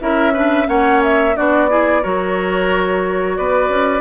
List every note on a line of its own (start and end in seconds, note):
0.00 0.68 C#4
0.00 0.34 E4
0.00 0.33 A#4
0.00 0.68 E5
0.33 0.66 D4
0.33 0.67 B4
0.66 1.36 A#3
0.66 1.33 C#4
0.66 1.36 C#5
0.66 1.02 F#5
1.03 1.36 E5
1.36 2.05 B3
1.36 1.69 D4
1.36 1.70 F#4
1.36 2.04 D5
1.69 2.03 E4
1.69 2.02 G#4
2.02 3.38 F#3
2.02 4.01 F#4
2.02 3.37 A#4
2.02 3.37 C#5
3.37 3.69 B3
3.37 4.01 B4
3.37 4.01 D5
3.69 4.01 C#4